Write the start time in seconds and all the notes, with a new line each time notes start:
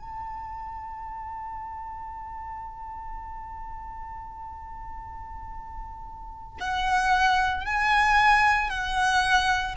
0.00 A5
6.60 F#5
7.65 G#5
8.70 F#5